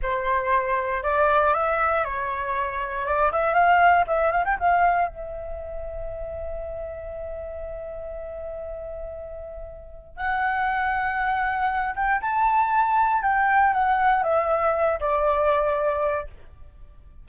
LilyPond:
\new Staff \with { instrumentName = "flute" } { \time 4/4 \tempo 4 = 118 c''2 d''4 e''4 | cis''2 d''8 e''8 f''4 | e''8 f''16 g''16 f''4 e''2~ | e''1~ |
e''1 | fis''2.~ fis''8 g''8 | a''2 g''4 fis''4 | e''4. d''2~ d''8 | }